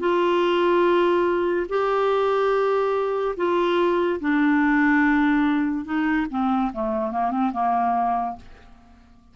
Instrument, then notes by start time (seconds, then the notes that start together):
clarinet
0.00 F4
1.69 G4
3.37 F4
4.20 D4
5.85 D#4
6.30 C4
6.73 A3
7.12 A#3
7.31 C4
7.53 A#3